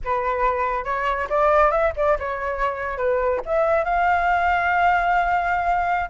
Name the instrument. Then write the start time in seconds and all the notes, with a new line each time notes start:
flute
0.04 B4
0.84 C#5
1.29 D5
1.71 E5
1.96 D5
2.19 C#5
2.97 B4
3.45 E5
3.84 F5